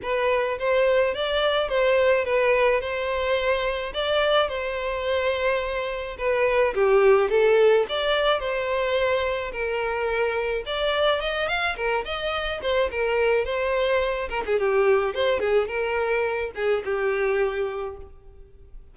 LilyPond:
\new Staff \with { instrumentName = "violin" } { \time 4/4 \tempo 4 = 107 b'4 c''4 d''4 c''4 | b'4 c''2 d''4 | c''2. b'4 | g'4 a'4 d''4 c''4~ |
c''4 ais'2 d''4 | dis''8 f''8 ais'8 dis''4 c''8 ais'4 | c''4. ais'16 gis'16 g'4 c''8 gis'8 | ais'4. gis'8 g'2 | }